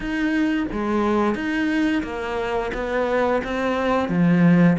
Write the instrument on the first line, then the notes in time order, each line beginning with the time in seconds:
cello
0.00 D#4
0.72 G#3
1.35 D#4
2.03 A#3
2.74 B3
3.44 C4
4.08 F3